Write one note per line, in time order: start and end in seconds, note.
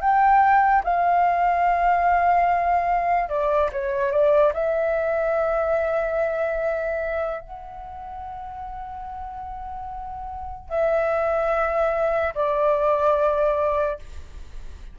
0.00 0.82 G5
0.84 3.29 F5
3.29 3.70 D5
3.72 4.11 C#5
4.11 4.52 D5
4.53 7.41 E5
7.41 10.69 F#5
10.69 12.33 E5
12.34 13.99 D5